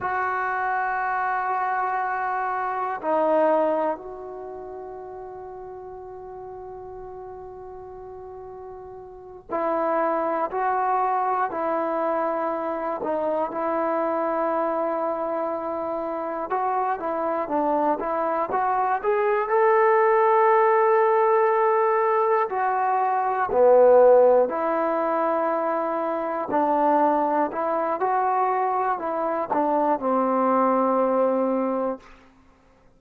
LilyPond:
\new Staff \with { instrumentName = "trombone" } { \time 4/4 \tempo 4 = 60 fis'2. dis'4 | fis'1~ | fis'4. e'4 fis'4 e'8~ | e'4 dis'8 e'2~ e'8~ |
e'8 fis'8 e'8 d'8 e'8 fis'8 gis'8 a'8~ | a'2~ a'8 fis'4 b8~ | b8 e'2 d'4 e'8 | fis'4 e'8 d'8 c'2 | }